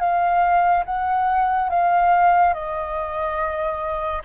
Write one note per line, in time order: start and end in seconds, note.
0.00 0.85 F5
0.86 1.70 F#5
1.70 2.54 F5
2.54 4.23 D#5